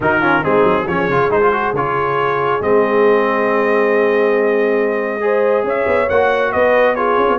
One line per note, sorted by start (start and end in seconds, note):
0.00 0.44 D#3
0.00 0.21 D#4
0.00 0.20 F#4
0.00 0.44 A#4
0.20 0.43 C#4
0.20 0.41 F4
0.42 0.63 G#3
0.42 0.87 C4
0.42 0.85 D#4
0.42 0.87 G#4
0.63 0.85 F#3
0.87 1.09 F3
0.87 1.10 C#4
0.87 5.23 G#4
0.87 1.31 C#5
1.09 1.30 C#3
1.09 1.30 F4
1.30 1.73 G#3
1.30 1.41 D#4
1.30 1.75 C5
1.41 1.52 F4
1.52 1.74 F#4
1.73 2.60 C#3
1.73 2.61 F4
1.73 2.62 C#5
2.60 5.63 G#3
2.60 5.20 C4
2.60 5.66 D#5
5.20 6.07 G#4
5.20 5.65 C5
5.63 5.85 C#4
5.63 6.52 C#5
5.63 6.09 E5
5.86 6.08 B3
6.09 6.53 A#3
6.09 6.96 F#4
6.09 6.51 F#5
6.51 7.17 B3
6.51 6.95 B4
6.51 6.95 D#5
6.95 7.39 F4
6.95 7.39 G#4
6.95 7.38 C#5
7.17 7.28 C#4
7.28 7.39 B3